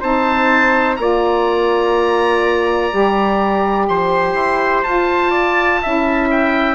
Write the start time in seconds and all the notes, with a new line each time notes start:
0.00 C4 D#4 C5 A5
0.96 A#3 F4 D5 A#5
2.91 G3 G4
3.88 F3 C5 C6
4.34 E4
4.83 F4 A5
5.30 D5
5.82 C#4 E4 E5
6.30 G5